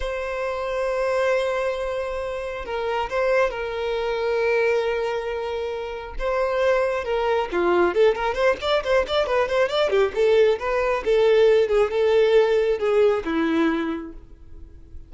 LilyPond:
\new Staff \with { instrumentName = "violin" } { \time 4/4 \tempo 4 = 136 c''1~ | c''2 ais'4 c''4 | ais'1~ | ais'2 c''2 |
ais'4 f'4 a'8 ais'8 c''8 d''8 | c''8 d''8 b'8 c''8 d''8 g'8 a'4 | b'4 a'4. gis'8 a'4~ | a'4 gis'4 e'2 | }